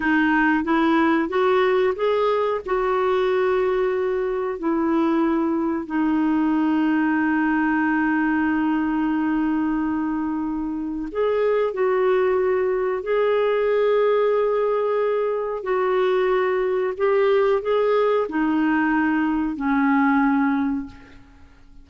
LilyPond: \new Staff \with { instrumentName = "clarinet" } { \time 4/4 \tempo 4 = 92 dis'4 e'4 fis'4 gis'4 | fis'2. e'4~ | e'4 dis'2.~ | dis'1~ |
dis'4 gis'4 fis'2 | gis'1 | fis'2 g'4 gis'4 | dis'2 cis'2 | }